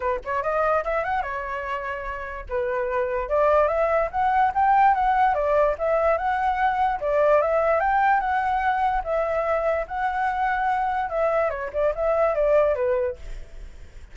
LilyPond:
\new Staff \with { instrumentName = "flute" } { \time 4/4 \tempo 4 = 146 b'8 cis''8 dis''4 e''8 fis''8 cis''4~ | cis''2 b'2 | d''4 e''4 fis''4 g''4 | fis''4 d''4 e''4 fis''4~ |
fis''4 d''4 e''4 g''4 | fis''2 e''2 | fis''2. e''4 | cis''8 d''8 e''4 d''4 b'4 | }